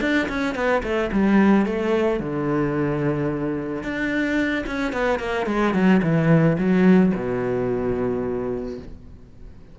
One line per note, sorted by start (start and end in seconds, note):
0.00 0.27 D4
0.28 0.55 C#4
0.55 0.82 B3
0.83 1.10 A3
1.12 1.65 G3
1.65 2.19 A3
2.19 3.82 D3
3.82 4.64 D4
4.66 4.92 C#4
4.92 5.19 B3
5.19 5.46 A#3
5.46 5.73 G#3
5.73 6.00 F#3
6.02 6.57 E3
6.58 7.12 F#3
7.15 8.78 B2